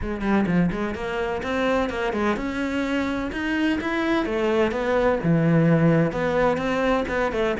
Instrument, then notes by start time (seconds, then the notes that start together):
cello
0.02 G#3
0.21 G3
0.46 F3
0.71 G#3
0.94 A#3
1.42 C4
1.89 A#3
2.13 G#3
2.36 C#4
3.32 D#4
3.80 E4
4.25 A3
4.71 B3
5.23 E3
6.11 B3
6.57 C4
7.08 B3
7.31 A3